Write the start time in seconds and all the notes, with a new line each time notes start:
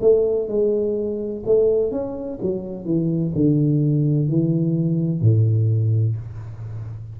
0.00 A3
0.48 G#3
1.45 A3
1.91 C#4
2.42 F#3
2.85 E3
3.35 D3
4.28 E3
5.21 A2